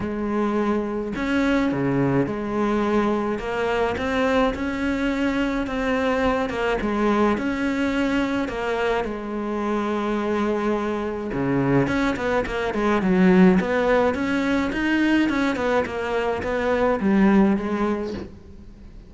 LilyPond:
\new Staff \with { instrumentName = "cello" } { \time 4/4 \tempo 4 = 106 gis2 cis'4 cis4 | gis2 ais4 c'4 | cis'2 c'4. ais8 | gis4 cis'2 ais4 |
gis1 | cis4 cis'8 b8 ais8 gis8 fis4 | b4 cis'4 dis'4 cis'8 b8 | ais4 b4 g4 gis4 | }